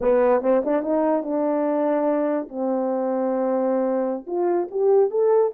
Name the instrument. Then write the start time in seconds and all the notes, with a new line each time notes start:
horn
0.01 B3
0.41 C4
0.64 D4
0.82 D#4
1.23 D4
2.48 C4
4.26 F4
4.70 G4
5.10 A4